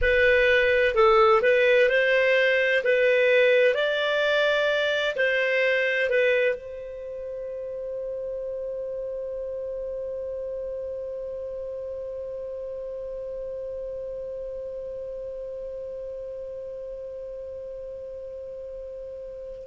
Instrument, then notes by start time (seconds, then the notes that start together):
clarinet
0.01 B4
0.94 A4
1.42 B4
1.89 C5
2.84 B4
3.74 D5
5.16 C5
6.09 B4
6.55 C5